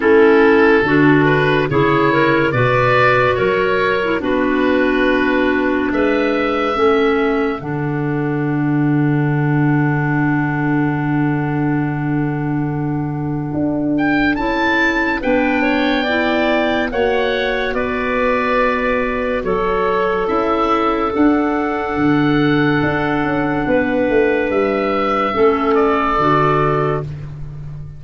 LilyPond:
<<
  \new Staff \with { instrumentName = "oboe" } { \time 4/4 \tempo 4 = 71 a'4. b'8 cis''4 d''4 | cis''4 b'2 e''4~ | e''4 fis''2.~ | fis''1~ |
fis''8 g''8 a''4 g''2 | fis''4 d''2 cis''4 | e''4 fis''2.~ | fis''4 e''4. d''4. | }
  \new Staff \with { instrumentName = "clarinet" } { \time 4/4 e'4 fis'4 gis'8 ais'8 b'4 | ais'4 fis'2 b'4 | a'1~ | a'1~ |
a'2 b'8 cis''8 d''4 | cis''4 b'2 a'4~ | a'1 | b'2 a'2 | }
  \new Staff \with { instrumentName = "clarinet" } { \time 4/4 cis'4 d'4 e'4 fis'4~ | fis'8. e'16 d'2. | cis'4 d'2.~ | d'1~ |
d'4 e'4 d'4 e'4 | fis'1 | e'4 d'2.~ | d'2 cis'4 fis'4 | }
  \new Staff \with { instrumentName = "tuba" } { \time 4/4 a4 d4 cis4 b,4 | fis4 b2 gis4 | a4 d2.~ | d1 |
d'4 cis'4 b2 | ais4 b2 fis4 | cis'4 d'4 d4 d'8 cis'8 | b8 a8 g4 a4 d4 | }
>>